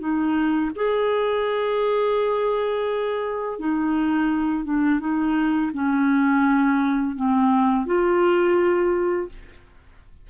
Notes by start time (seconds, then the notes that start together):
0.00 D#4
0.76 G#4
3.59 D#4
4.65 D4
5.00 D#4
5.74 C#4
7.16 C4
7.86 F4